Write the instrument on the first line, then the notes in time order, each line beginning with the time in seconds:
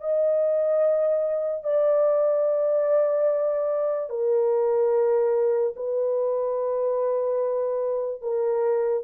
horn
0.00 D#5
1.63 D5
4.09 A#4
5.76 B4
8.21 A#4